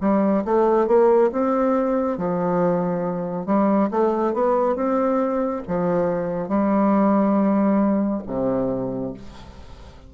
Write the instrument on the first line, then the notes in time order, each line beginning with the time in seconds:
bassoon
0.00 G3
0.44 A3
0.87 A#3
1.32 C4
2.17 F3
3.45 G3
3.91 A3
4.33 B3
4.75 C4
5.67 F3
6.48 G3
8.26 C3